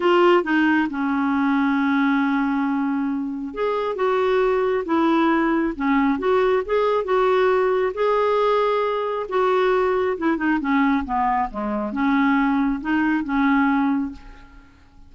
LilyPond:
\new Staff \with { instrumentName = "clarinet" } { \time 4/4 \tempo 4 = 136 f'4 dis'4 cis'2~ | cis'1 | gis'4 fis'2 e'4~ | e'4 cis'4 fis'4 gis'4 |
fis'2 gis'2~ | gis'4 fis'2 e'8 dis'8 | cis'4 b4 gis4 cis'4~ | cis'4 dis'4 cis'2 | }